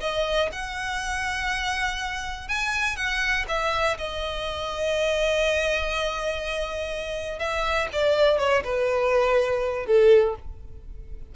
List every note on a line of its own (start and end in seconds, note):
0.00 0.49 D#5
0.52 2.48 F#5
2.48 2.96 G#5
2.96 3.45 F#5
3.48 3.97 E5
3.97 7.39 D#5
7.39 7.88 E5
7.93 8.38 D5
8.38 8.63 C#5
8.64 9.86 B4
9.86 10.35 A4